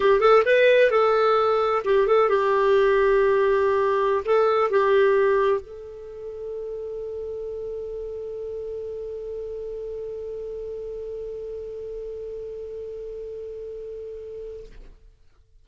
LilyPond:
\new Staff \with { instrumentName = "clarinet" } { \time 4/4 \tempo 4 = 131 g'8 a'8 b'4 a'2 | g'8 a'8 g'2.~ | g'4~ g'16 a'4 g'4.~ g'16~ | g'16 a'2.~ a'8.~ |
a'1~ | a'1~ | a'1~ | a'1 | }